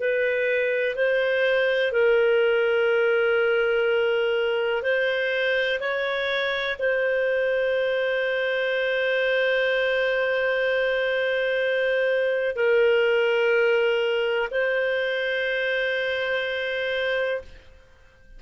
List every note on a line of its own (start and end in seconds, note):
0.00 0.95 B4
0.95 1.92 C5
1.92 4.82 A#4
4.82 5.79 C5
5.80 6.77 C#5
6.79 12.55 C5
12.55 14.49 A#4
14.51 17.41 C5